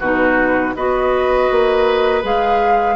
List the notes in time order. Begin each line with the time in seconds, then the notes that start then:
0.00 B2 D#4 F#4 B4
0.75 B3 F#4 B4 D#5
1.51 A#3
2.23 G#3 G#4 F5